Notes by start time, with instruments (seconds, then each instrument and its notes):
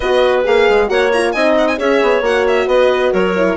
0.00 bassoon B3, horn F#4, clarinet B4, violin D#5
0.44 bassoon A#3, horn G#4, violin F5
0.69 bassoon G#3
0.87 bassoon A#3, horn F#4, clarinet C#5, violin F#5
1.12 horn F4, violin A#5
1.32 bassoon C4, horn D#4, clarinet D#5, violin G#5
1.58 violin F#5
1.67 violin G#5
1.77 bassoon C#4, horn G#4, clarinet C#5, violin E5
2.02 bassoon B3
2.21 bassoon A#3, horn F#4, violin F#5
2.47 violin E5
2.67 bassoon B3, clarinet B4, violin D#5
3.12 bassoon F#3, clarinet A#4, violin C#5
3.35 horn E4